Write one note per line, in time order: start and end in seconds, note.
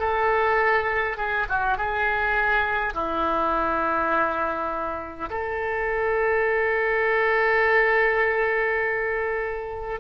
0.00 1.17 A4
1.17 1.47 G#4
1.49 1.78 F#4
1.78 2.94 G#4
2.94 5.29 E4
5.30 10.01 A4